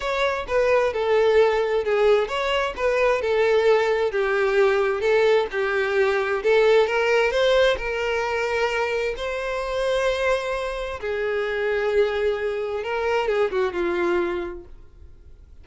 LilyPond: \new Staff \with { instrumentName = "violin" } { \time 4/4 \tempo 4 = 131 cis''4 b'4 a'2 | gis'4 cis''4 b'4 a'4~ | a'4 g'2 a'4 | g'2 a'4 ais'4 |
c''4 ais'2. | c''1 | gis'1 | ais'4 gis'8 fis'8 f'2 | }